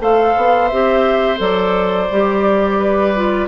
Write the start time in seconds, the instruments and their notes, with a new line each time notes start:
0.00 bassoon A3, clarinet A4, oboe C5, flute F5
0.37 bassoon B3
0.68 bassoon C4, clarinet G4, flute E5
1.37 bassoon F#3, clarinet A4, flute D5
2.11 bassoon G3, clarinet G4
2.79 oboe B4
3.16 clarinet F4